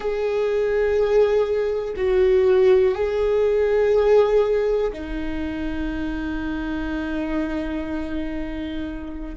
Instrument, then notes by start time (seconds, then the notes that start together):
viola
0.00 G#4
1.96 F#4
2.95 G#4
4.92 D#4